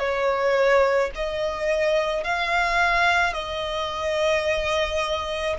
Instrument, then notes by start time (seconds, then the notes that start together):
violin
0.00 C#5
1.15 D#5
2.24 F5
3.34 D#5